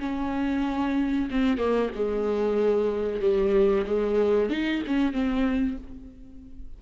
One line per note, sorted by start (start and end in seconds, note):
0.00 1.29 C#4
1.30 1.58 C4
1.58 1.90 A#3
1.95 3.21 G#3
3.21 3.86 G3
3.86 4.50 G#3
4.50 4.82 D#4
4.87 5.13 C#4
5.13 5.77 C4